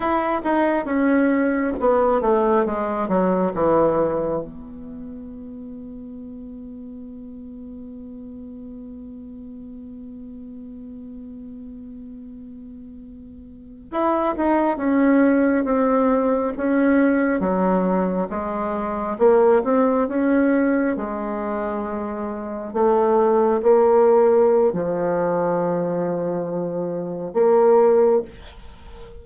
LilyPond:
\new Staff \with { instrumentName = "bassoon" } { \time 4/4 \tempo 4 = 68 e'8 dis'8 cis'4 b8 a8 gis8 fis8 | e4 b2.~ | b1~ | b2.~ b8. e'16~ |
e'16 dis'8 cis'4 c'4 cis'4 fis16~ | fis8. gis4 ais8 c'8 cis'4 gis16~ | gis4.~ gis16 a4 ais4~ ais16 | f2. ais4 | }